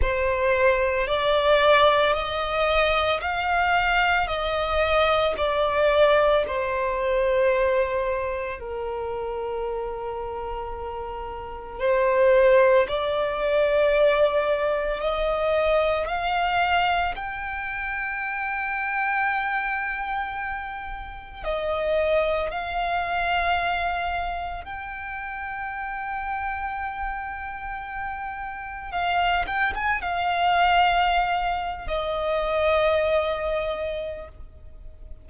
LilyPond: \new Staff \with { instrumentName = "violin" } { \time 4/4 \tempo 4 = 56 c''4 d''4 dis''4 f''4 | dis''4 d''4 c''2 | ais'2. c''4 | d''2 dis''4 f''4 |
g''1 | dis''4 f''2 g''4~ | g''2. f''8 g''16 gis''16 | f''4.~ f''16 dis''2~ dis''16 | }